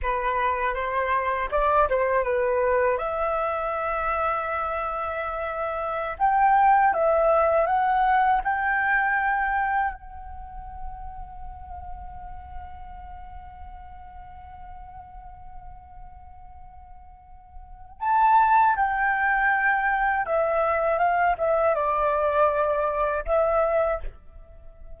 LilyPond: \new Staff \with { instrumentName = "flute" } { \time 4/4 \tempo 4 = 80 b'4 c''4 d''8 c''8 b'4 | e''1~ | e''16 g''4 e''4 fis''4 g''8.~ | g''4~ g''16 fis''2~ fis''8.~ |
fis''1~ | fis''1 | a''4 g''2 e''4 | f''8 e''8 d''2 e''4 | }